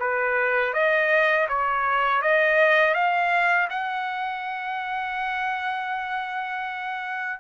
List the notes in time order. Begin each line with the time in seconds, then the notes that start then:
0.00 B4
0.74 D#5
1.49 C#5
2.22 D#5
2.94 F5
3.70 F#5